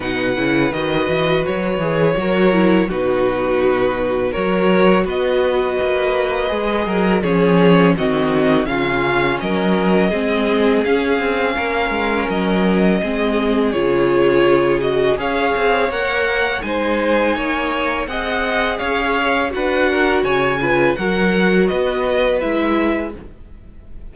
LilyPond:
<<
  \new Staff \with { instrumentName = "violin" } { \time 4/4 \tempo 4 = 83 fis''4 dis''4 cis''2 | b'2 cis''4 dis''4~ | dis''2 cis''4 dis''4 | f''4 dis''2 f''4~ |
f''4 dis''2 cis''4~ | cis''8 dis''8 f''4 fis''4 gis''4~ | gis''4 fis''4 f''4 fis''4 | gis''4 fis''4 dis''4 e''4 | }
  \new Staff \with { instrumentName = "violin" } { \time 4/4 b'2. ais'4 | fis'2 ais'4 b'4~ | b'4. ais'8 gis'4 fis'4 | f'4 ais'4 gis'2 |
ais'2 gis'2~ | gis'4 cis''2 c''4 | cis''4 dis''4 cis''4 b'8 ais'8 | cis''8 b'8 ais'4 b'2 | }
  \new Staff \with { instrumentName = "viola" } { \time 4/4 dis'8 e'8 fis'4. gis'8 fis'8 e'8 | dis'2 fis'2~ | fis'4 gis'4 cis'4 c'4 | cis'2 c'4 cis'4~ |
cis'2 c'4 f'4~ | f'8 fis'8 gis'4 ais'4 dis'4~ | dis'4 gis'2 fis'4~ | fis'8 f'8 fis'2 e'4 | }
  \new Staff \with { instrumentName = "cello" } { \time 4/4 b,8 cis8 dis8 e8 fis8 e8 fis4 | b,2 fis4 b4 | ais4 gis8 fis8 f4 dis4 | cis4 fis4 gis4 cis'8 c'8 |
ais8 gis8 fis4 gis4 cis4~ | cis4 cis'8 c'8 ais4 gis4 | ais4 c'4 cis'4 d'4 | cis4 fis4 b4 gis4 | }
>>